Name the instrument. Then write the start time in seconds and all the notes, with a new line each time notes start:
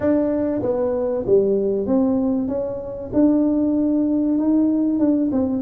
tuba
0.00 D4
0.62 B3
1.26 G3
1.86 C4
2.47 C#4
3.12 D4
4.38 D#4
4.99 D4
5.32 C4